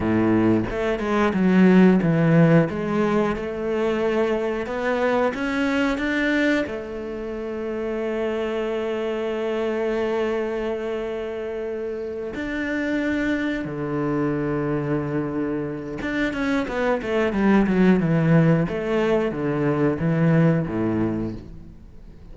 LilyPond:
\new Staff \with { instrumentName = "cello" } { \time 4/4 \tempo 4 = 90 a,4 a8 gis8 fis4 e4 | gis4 a2 b4 | cis'4 d'4 a2~ | a1~ |
a2~ a8 d'4.~ | d'8 d2.~ d8 | d'8 cis'8 b8 a8 g8 fis8 e4 | a4 d4 e4 a,4 | }